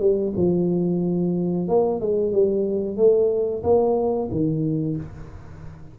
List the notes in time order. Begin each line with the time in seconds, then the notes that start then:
0.00 G3
0.37 F3
1.68 A#3
2.00 G#3
2.33 G3
2.97 A3
3.63 A#3
4.31 D#3